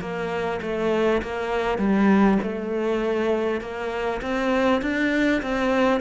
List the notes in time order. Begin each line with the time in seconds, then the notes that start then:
0.00 A#3
0.62 A3
1.22 A#3
1.78 G3
2.42 A3
3.61 A#3
4.21 C4
4.82 D4
5.42 C4